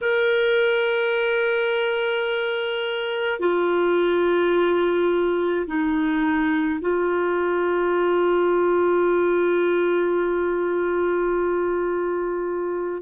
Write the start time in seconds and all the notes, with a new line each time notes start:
0.01 A#4
3.39 F4
5.66 D#4
6.80 F4